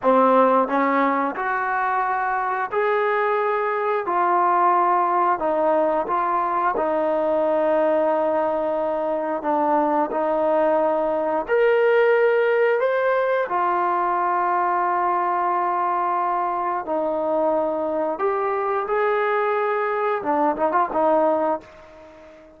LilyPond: \new Staff \with { instrumentName = "trombone" } { \time 4/4 \tempo 4 = 89 c'4 cis'4 fis'2 | gis'2 f'2 | dis'4 f'4 dis'2~ | dis'2 d'4 dis'4~ |
dis'4 ais'2 c''4 | f'1~ | f'4 dis'2 g'4 | gis'2 d'8 dis'16 f'16 dis'4 | }